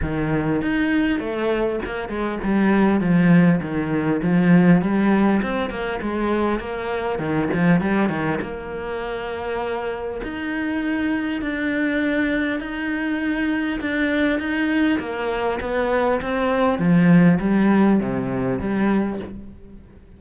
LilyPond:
\new Staff \with { instrumentName = "cello" } { \time 4/4 \tempo 4 = 100 dis4 dis'4 a4 ais8 gis8 | g4 f4 dis4 f4 | g4 c'8 ais8 gis4 ais4 | dis8 f8 g8 dis8 ais2~ |
ais4 dis'2 d'4~ | d'4 dis'2 d'4 | dis'4 ais4 b4 c'4 | f4 g4 c4 g4 | }